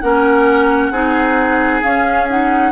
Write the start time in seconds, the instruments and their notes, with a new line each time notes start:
0.00 bassoon A#3, clarinet C#4, oboe A#4, flute F#5
0.91 bassoon C4, clarinet D#4, oboe G#4
1.82 clarinet C#4, bassoon C#4, flute F5
2.29 clarinet D#4, flute F#5